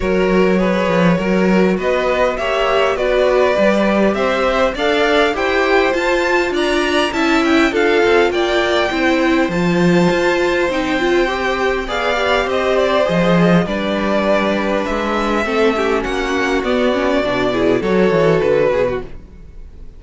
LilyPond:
<<
  \new Staff \with { instrumentName = "violin" } { \time 4/4 \tempo 4 = 101 cis''2. dis''4 | e''4 d''2 e''4 | f''4 g''4 a''4 ais''4 | a''8 g''8 f''4 g''2 |
a''2 g''2 | f''4 dis''8 d''8 dis''4 d''4~ | d''4 e''2 fis''4 | d''2 cis''4 b'4 | }
  \new Staff \with { instrumentName = "violin" } { \time 4/4 ais'4 b'4 ais'4 b'4 | cis''4 b'2 c''4 | d''4 c''2 d''4 | e''4 a'4 d''4 c''4~ |
c''1 | d''4 c''2 b'4~ | b'2 a'8 g'8 fis'4~ | fis'4. gis'8 a'4. gis'16 fis'16 | }
  \new Staff \with { instrumentName = "viola" } { \time 4/4 fis'4 gis'4 fis'2 | g'4 fis'4 g'2 | a'4 g'4 f'2 | e'4 f'2 e'4 |
f'2 dis'8 f'8 g'4 | gis'8 g'4. gis'4 d'4~ | d'2 c'8 cis'4. | b8 cis'8 d'8 e'8 fis'2 | }
  \new Staff \with { instrumentName = "cello" } { \time 4/4 fis4. f8 fis4 b4 | ais4 b4 g4 c'4 | d'4 e'4 f'4 d'4 | cis'4 d'8 c'8 ais4 c'4 |
f4 f'4 c'2 | b4 c'4 f4 g4~ | g4 gis4 a4 ais4 | b4 b,4 fis8 e8 d8 b,8 | }
>>